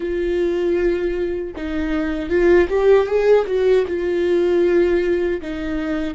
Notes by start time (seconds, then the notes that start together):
0.00 F4
1.56 D#4
2.29 F4
2.69 G4
3.06 G#4
3.46 F#4
3.87 F4
5.41 D#4